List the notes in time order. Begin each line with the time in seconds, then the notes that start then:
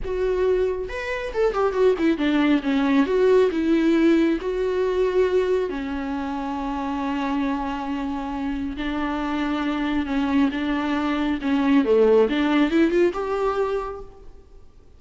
0.04 F#4
0.88 B4
1.33 A4
1.53 G4
1.73 F#4
1.98 E4
2.17 D4
2.63 C#4
3.06 F#4
3.51 E4
4.41 F#4
5.69 C#4
8.76 D4
10.06 C#4
10.51 D4
11.41 C#4
11.84 A3
12.29 D4
12.70 E4
12.90 F4
13.13 G4